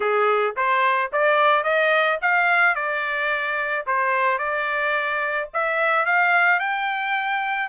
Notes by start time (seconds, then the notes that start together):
0.00 G#4
0.56 C5
1.12 D5
1.63 D#5
2.21 F5
2.75 D5
3.86 C5
4.38 D5
5.53 E5
6.05 F5
6.59 G5